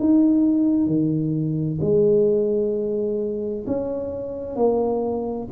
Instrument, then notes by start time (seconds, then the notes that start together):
tuba
0.00 D#4
0.87 D#3
1.82 G#3
3.67 C#4
4.57 A#3